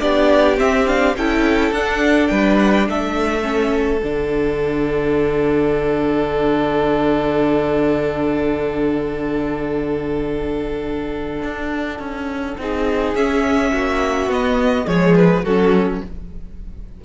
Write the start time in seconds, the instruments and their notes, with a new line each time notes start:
0.00 cello B3, viola D4, violin G4 D5
0.57 viola C4, cello C4, violin E5
0.87 viola D4, violin F5
1.17 cello C#4, viola E4, violin A4 G5
1.72 cello D4, viola D4, violin F#5
2.28 cello G3, violin B4 G5
2.60 violin F#5
2.73 violin G5
2.88 cello A3, violin A4 E5
3.43 viola C#4
4.01 cello D3, viola D4, violin F#5
11.43 cello D4
11.99 cello C#4
12.58 cello C4, viola D#4, violin G#4
13.15 cello C#4, viola C#4, violin E5
13.72 cello A#3, violin F#4
14.27 cello B3, viola B3, violin D#5
14.87 cello F3, viola G#3, violin G#4 C#5
15.16 violin B4
15.44 cello F#3, viola C#4, violin F#4 A4